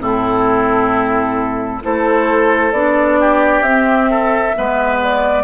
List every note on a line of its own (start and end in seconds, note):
0.00 1.82 A2
0.00 1.82 C4
0.00 1.83 E4
0.00 1.83 A4
1.82 2.72 A3
1.82 2.73 E4
1.82 3.20 A4
1.82 2.72 C5
2.72 3.61 B3
2.72 3.66 D4
2.72 3.62 D5
3.20 4.10 G4
3.61 4.52 C4
3.61 4.55 C4
3.61 4.99 E5
4.10 4.55 A4
4.55 5.44 G#3
4.55 5.44 B3
4.55 5.44 B4
5.03 5.44 D5